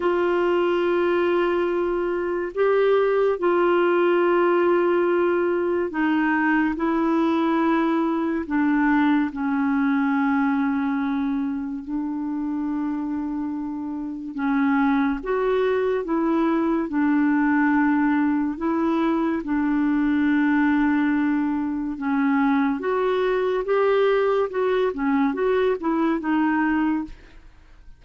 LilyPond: \new Staff \with { instrumentName = "clarinet" } { \time 4/4 \tempo 4 = 71 f'2. g'4 | f'2. dis'4 | e'2 d'4 cis'4~ | cis'2 d'2~ |
d'4 cis'4 fis'4 e'4 | d'2 e'4 d'4~ | d'2 cis'4 fis'4 | g'4 fis'8 cis'8 fis'8 e'8 dis'4 | }